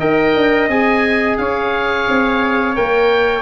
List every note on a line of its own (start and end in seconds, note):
0.00 0.34 D#4
0.00 0.70 A#4
0.00 1.38 D#5
0.00 0.69 G5
0.35 0.68 D4
0.68 1.37 C4
0.68 2.75 G#4
0.68 1.38 G#5
1.38 2.08 C#4
1.38 3.43 C#5
1.38 2.76 F5
2.08 2.77 C4
2.75 3.43 A#3
2.75 3.43 A#4
2.75 3.43 G5